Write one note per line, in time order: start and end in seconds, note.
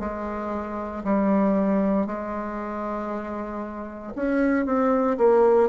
0.00 1.03 G#3
1.04 2.06 G3
2.06 4.13 G#3
4.16 4.66 C#4
4.66 5.18 C4
5.18 5.69 A#3